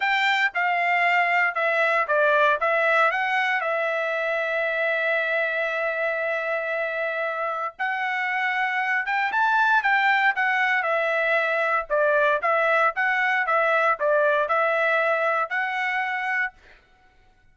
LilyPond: \new Staff \with { instrumentName = "trumpet" } { \time 4/4 \tempo 4 = 116 g''4 f''2 e''4 | d''4 e''4 fis''4 e''4~ | e''1~ | e''2. fis''4~ |
fis''4. g''8 a''4 g''4 | fis''4 e''2 d''4 | e''4 fis''4 e''4 d''4 | e''2 fis''2 | }